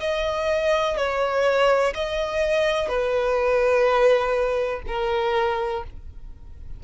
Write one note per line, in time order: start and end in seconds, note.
0.00 0.97 D#5
0.97 1.94 C#5
1.94 2.88 D#5
2.88 4.82 B4
4.87 5.84 A#4